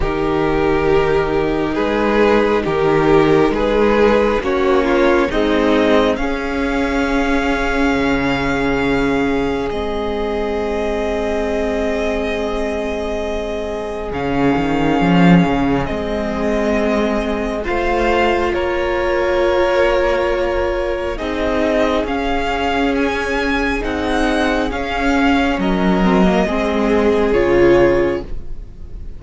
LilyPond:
<<
  \new Staff \with { instrumentName = "violin" } { \time 4/4 \tempo 4 = 68 ais'2 b'4 ais'4 | b'4 cis''4 dis''4 f''4~ | f''2. dis''4~ | dis''1 |
f''2 dis''2 | f''4 cis''2. | dis''4 f''4 gis''4 fis''4 | f''4 dis''2 cis''4 | }
  \new Staff \with { instrumentName = "violin" } { \time 4/4 g'2 gis'4 g'4 | gis'4 fis'8 f'8 dis'4 gis'4~ | gis'1~ | gis'1~ |
gis'1 | c''4 ais'2. | gis'1~ | gis'4 ais'4 gis'2 | }
  \new Staff \with { instrumentName = "viola" } { \time 4/4 dis'1~ | dis'4 cis'4 gis4 cis'4~ | cis'2. c'4~ | c'1 |
cis'2 c'2 | f'1 | dis'4 cis'2 dis'4 | cis'4. c'16 ais16 c'4 f'4 | }
  \new Staff \with { instrumentName = "cello" } { \time 4/4 dis2 gis4 dis4 | gis4 ais4 c'4 cis'4~ | cis'4 cis2 gis4~ | gis1 |
cis8 dis8 f8 cis8 gis2 | a4 ais2. | c'4 cis'2 c'4 | cis'4 fis4 gis4 cis4 | }
>>